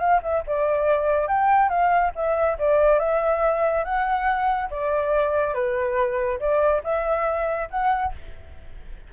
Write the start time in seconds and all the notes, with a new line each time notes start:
0.00 F5
0.23 E5
0.47 D5
1.28 G5
1.69 F5
2.15 E5
2.59 D5
2.99 E5
3.85 F#5
4.71 D5
5.54 B4
6.40 D5
6.84 E5
7.71 F#5